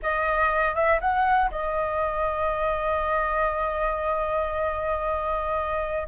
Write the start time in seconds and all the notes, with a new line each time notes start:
0.02 D#5
0.74 E5
1.00 F#5
1.50 D#5